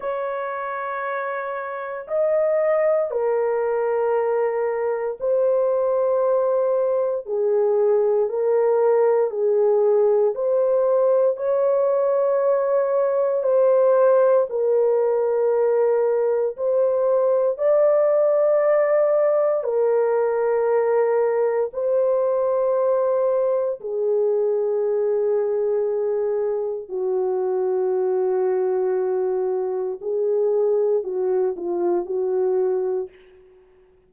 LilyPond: \new Staff \with { instrumentName = "horn" } { \time 4/4 \tempo 4 = 58 cis''2 dis''4 ais'4~ | ais'4 c''2 gis'4 | ais'4 gis'4 c''4 cis''4~ | cis''4 c''4 ais'2 |
c''4 d''2 ais'4~ | ais'4 c''2 gis'4~ | gis'2 fis'2~ | fis'4 gis'4 fis'8 f'8 fis'4 | }